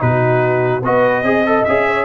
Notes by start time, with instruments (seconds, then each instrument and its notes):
0.00 tuba B2, trombone D#4, horn F#4, trumpet B4
0.83 tuba B3, trombone F#4, horn B4, trumpet D#5
1.23 tuba C4, trombone G#4, horn D#5
1.47 trombone A4
1.64 tuba C#4, trombone G#4, trumpet E5
1.89 horn C#5